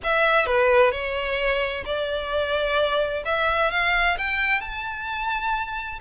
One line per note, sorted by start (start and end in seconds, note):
0.03 0.46 E5
0.46 0.91 B4
0.91 1.84 C#5
1.85 3.23 D5
3.25 3.70 E5
3.70 4.17 F5
4.17 4.60 G5
4.60 5.99 A5